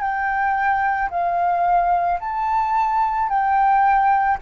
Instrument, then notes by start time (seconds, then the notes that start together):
flute
0.00 G5
1.10 F5
2.19 A5
3.28 G5